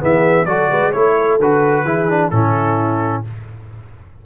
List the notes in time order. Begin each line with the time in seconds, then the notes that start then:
0.00 E3 B3 G#4 E5
0.45 F#3 F#4 A4 D5
0.71 G#3 B4
0.90 A3 E4 C#5
1.17 A4
1.39 D3 F#4 B4
1.85 E3 E4 G#4
2.09 D4
2.30 A2 C#4 E4 A4